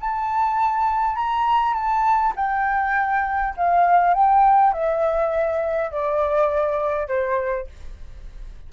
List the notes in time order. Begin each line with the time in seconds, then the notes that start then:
0.00 A5
1.16 A#5
1.74 A5
2.36 G5
3.57 F5
4.14 G5
4.73 E5
5.91 D5
7.08 C5